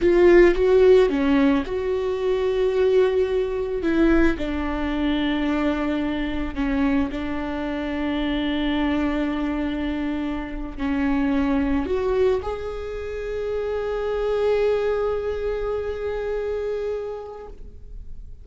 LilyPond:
\new Staff \with { instrumentName = "viola" } { \time 4/4 \tempo 4 = 110 f'4 fis'4 cis'4 fis'4~ | fis'2. e'4 | d'1 | cis'4 d'2.~ |
d'2.~ d'8. cis'16~ | cis'4.~ cis'16 fis'4 gis'4~ gis'16~ | gis'1~ | gis'1 | }